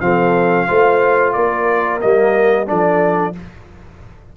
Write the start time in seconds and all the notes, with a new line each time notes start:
0.00 F3 C4 A4 F5
0.67 A3 F4 C5
1.32 A#3 A#4 D5
2.01 G3 A#3 D#5
2.66 F3 D4 A4 D5